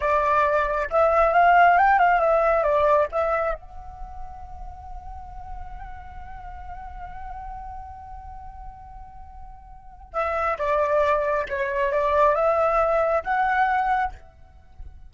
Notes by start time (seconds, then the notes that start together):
0.00 D5
0.90 E5
1.33 F5
1.77 G5
1.99 F5
2.20 E5
2.63 D5
3.11 E5
3.54 F#5
10.13 E5
10.58 D5
11.48 C#5
11.92 D5
12.35 E5
13.23 F#5